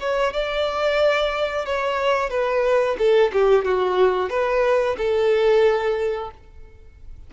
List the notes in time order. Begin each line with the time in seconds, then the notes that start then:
0.00 C#5
0.33 D5
1.65 C#5
2.30 B4
2.98 A4
3.33 G4
3.65 F#4
4.29 B4
4.97 A4